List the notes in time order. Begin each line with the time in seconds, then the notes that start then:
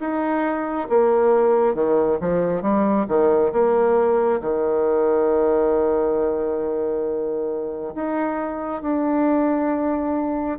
0.00 D#4
0.89 A#3
1.74 D#3
2.20 F3
2.62 G3
3.08 D#3
3.52 A#3
4.41 D#3
7.95 D#4
8.82 D4